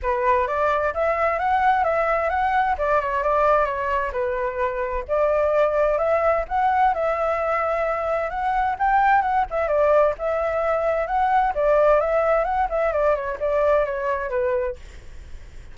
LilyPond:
\new Staff \with { instrumentName = "flute" } { \time 4/4 \tempo 4 = 130 b'4 d''4 e''4 fis''4 | e''4 fis''4 d''8 cis''8 d''4 | cis''4 b'2 d''4~ | d''4 e''4 fis''4 e''4~ |
e''2 fis''4 g''4 | fis''8 e''8 d''4 e''2 | fis''4 d''4 e''4 fis''8 e''8 | d''8 cis''8 d''4 cis''4 b'4 | }